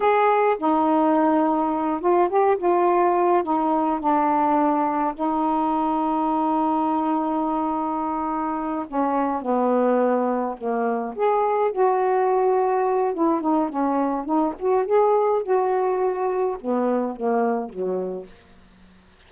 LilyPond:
\new Staff \with { instrumentName = "saxophone" } { \time 4/4 \tempo 4 = 105 gis'4 dis'2~ dis'8 f'8 | g'8 f'4. dis'4 d'4~ | d'4 dis'2.~ | dis'2.~ dis'8 cis'8~ |
cis'8 b2 ais4 gis'8~ | gis'8 fis'2~ fis'8 e'8 dis'8 | cis'4 dis'8 fis'8 gis'4 fis'4~ | fis'4 b4 ais4 fis4 | }